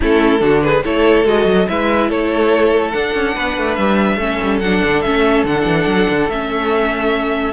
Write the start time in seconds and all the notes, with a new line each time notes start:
0.00 A3 C#4 E4 A4
0.39 D3 D4 F#4
0.62 G#4 B4
0.84 A3 E4 A4 C#5
1.24 G#3 F#4 D#5
1.45 F#3
1.67 G#3 E4 B4 E5
2.10 A3 A4 C#5
2.91 D4 F#5
3.14 C#4
3.34 B3 B4
3.57 A3
3.74 G3 E5
4.16 A3 C#4
4.23 A4
4.42 G3
4.60 F#3 D4 F#5
4.84 D3
5.01 A3 C#4 E5
5.43 D3 D4 F#5
5.65 E3
5.86 F#3
6.09 D3
6.27 A3 C#4 E5